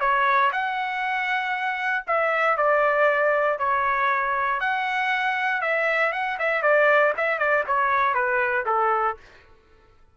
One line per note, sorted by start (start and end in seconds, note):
0.00 0.51 C#5
0.52 2.05 F#5
2.07 2.57 E5
2.57 3.58 D5
3.59 4.60 C#5
4.60 5.61 F#5
5.61 6.12 E5
6.12 6.38 F#5
6.39 6.62 E5
6.62 7.13 D5
7.17 7.38 E5
7.38 7.64 D5
7.67 8.14 C#5
8.14 8.65 B4
8.66 9.17 A4